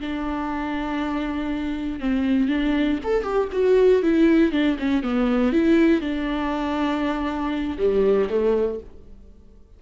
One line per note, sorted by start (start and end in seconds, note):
0.00 2.00 D4
2.00 2.48 C4
2.48 2.99 D4
3.04 3.23 A4
3.23 3.48 G4
3.52 4.02 F#4
4.03 4.52 E4
4.52 4.77 D4
4.79 5.03 C#4
5.03 5.53 B3
5.53 6.01 E4
6.01 7.77 D4
7.78 8.28 G3
8.29 8.80 A3